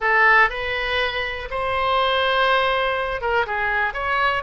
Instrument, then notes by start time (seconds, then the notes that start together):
oboe
0.00 A4
0.49 B4
1.50 C5
3.21 A#4
3.46 G#4
3.93 C#5